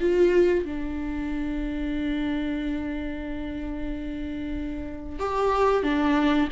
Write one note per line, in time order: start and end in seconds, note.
0.00 0.65 F4
0.65 5.19 D4
5.19 5.83 G4
5.83 6.49 D4